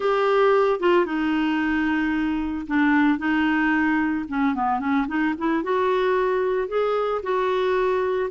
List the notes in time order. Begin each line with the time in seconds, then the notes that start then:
0.00 G4
0.80 F4
1.05 D#4
2.67 D4
3.18 D#4
4.28 C#4
4.54 B3
4.79 C#4
5.07 D#4
5.37 E4
5.63 F#4
6.67 G#4
7.22 F#4